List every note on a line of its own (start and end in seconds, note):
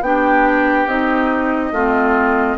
0.00 0.86 B3
0.00 0.88 D4
0.00 1.72 G4
0.00 0.87 G5
0.86 1.71 C4
0.86 1.74 D#4
0.86 2.57 D#5
1.71 2.57 A3
1.71 2.57 C4
1.71 2.57 F4